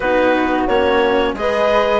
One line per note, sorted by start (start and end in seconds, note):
0.00 0.67 B3
0.00 0.69 D#4
0.00 1.33 F#4
0.00 0.64 B4
0.67 1.33 A#3
0.67 1.36 C#4
0.67 1.34 C#5
1.33 1.99 G#3
1.33 1.99 G#4
1.33 1.99 D#5
1.39 1.99 B4